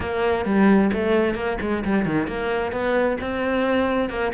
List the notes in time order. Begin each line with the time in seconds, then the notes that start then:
0.00 A#3
0.45 G3
0.92 A3
1.34 A#3
1.61 G#3
1.84 G3
2.05 D#3
2.27 A#3
2.71 B3
3.20 C4
4.09 A#3